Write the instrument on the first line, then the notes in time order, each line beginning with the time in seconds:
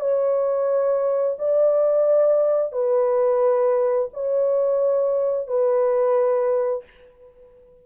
horn
0.00 C#5
1.39 D5
2.72 B4
4.13 C#5
5.47 B4